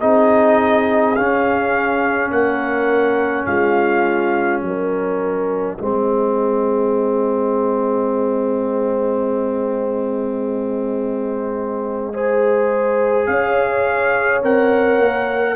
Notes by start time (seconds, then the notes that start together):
0.00 C4 D#4 G#4 D#5
1.16 C#4 F5
2.31 A#3 A#4 F#5
3.46 G#3 F4 F5
4.61 F#3 A#4 D#5
5.77 G#3 C4 G#4
12.14 G#4 C5
13.26 C#4 C#5 F5
14.43 C4 A#4 F#5
14.99 A#3